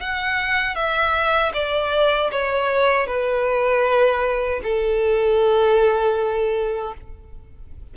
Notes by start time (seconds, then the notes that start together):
0.00 F#5
0.75 E5
1.53 D5
2.32 C#5
3.07 B4
4.63 A4